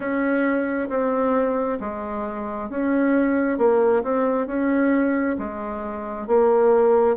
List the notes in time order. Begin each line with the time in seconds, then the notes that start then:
0.00 C#4
0.89 C4
1.80 G#3
2.69 C#4
3.57 A#3
4.03 C4
4.46 C#4
5.38 G#3
6.27 A#3